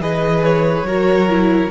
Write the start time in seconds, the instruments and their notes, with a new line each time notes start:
0.00 cello E3, viola G#4, violin B4 D#5
0.44 violin C#5
0.83 cello F#3, viola F#4, violin A#4
1.30 viola E4